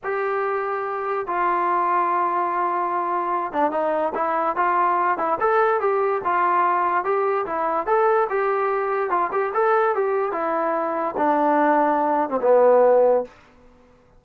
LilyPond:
\new Staff \with { instrumentName = "trombone" } { \time 4/4 \tempo 4 = 145 g'2. f'4~ | f'1~ | f'8 d'8 dis'4 e'4 f'4~ | f'8 e'8 a'4 g'4 f'4~ |
f'4 g'4 e'4 a'4 | g'2 f'8 g'8 a'4 | g'4 e'2 d'4~ | d'4.~ d'16 c'16 b2 | }